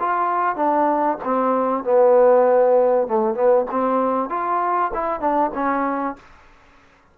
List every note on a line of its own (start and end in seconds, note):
0.00 0.56 F4
0.56 1.18 D4
1.25 1.84 C4
1.84 3.08 B3
3.08 3.35 A3
3.35 3.66 B3
3.71 4.30 C4
4.30 4.92 F4
4.94 5.21 E4
5.21 5.52 D4
5.55 6.17 C#4